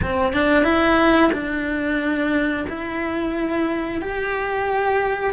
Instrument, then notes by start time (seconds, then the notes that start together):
cello
0.02 C4
0.33 D4
0.64 E4
1.32 D4
2.68 E4
4.01 G4